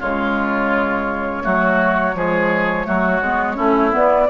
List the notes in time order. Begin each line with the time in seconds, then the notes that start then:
0.00 C#3 G#3 F4 C#5
1.43 F#3 A3 F#4
2.14 F3 G#3 G#4
2.85 F#3 A3 F#4
3.21 G#3 B3
3.55 A3 C#4 E4
3.91 B3 D5